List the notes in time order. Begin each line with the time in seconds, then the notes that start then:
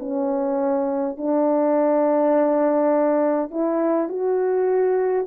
0.00 C#4
1.18 D4
3.51 E4
4.09 F#4